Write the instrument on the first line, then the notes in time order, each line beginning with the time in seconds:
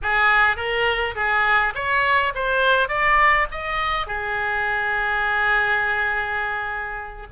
oboe
0.02 G#4
0.56 A#4
1.15 G#4
1.74 C#5
2.35 C5
2.88 D5
3.51 D#5
4.06 G#4